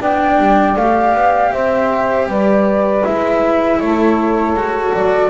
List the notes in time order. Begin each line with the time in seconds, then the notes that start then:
0.00 B3 D4 D5 G5
0.37 G3
0.76 A3 G4 F5
1.13 B3
1.51 C4 C5 E5
2.27 G3 B4 D5
3.04 G#3 E4 E5
3.79 A3 A4 C#5
4.53 G#3 F#4
4.93 F#3 D5